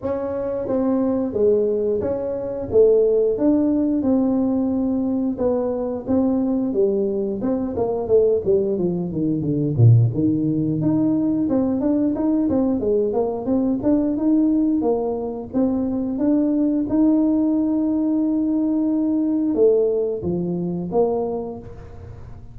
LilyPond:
\new Staff \with { instrumentName = "tuba" } { \time 4/4 \tempo 4 = 89 cis'4 c'4 gis4 cis'4 | a4 d'4 c'2 | b4 c'4 g4 c'8 ais8 | a8 g8 f8 dis8 d8 ais,8 dis4 |
dis'4 c'8 d'8 dis'8 c'8 gis8 ais8 | c'8 d'8 dis'4 ais4 c'4 | d'4 dis'2.~ | dis'4 a4 f4 ais4 | }